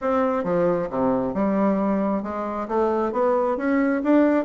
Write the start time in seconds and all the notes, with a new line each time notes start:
0.01 C4
0.44 F3
0.90 C3
1.34 G3
2.22 G#3
2.67 A3
3.12 B3
3.57 C#4
4.03 D4